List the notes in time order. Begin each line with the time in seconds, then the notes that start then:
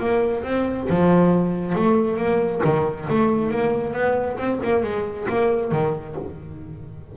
0.00 A#3
0.44 C4
0.90 F3
1.76 A3
2.18 A#3
2.65 D#3
3.10 A3
3.51 A#3
3.94 B3
4.38 C4
4.64 A#3
4.84 G#3
5.29 A#3
5.72 D#3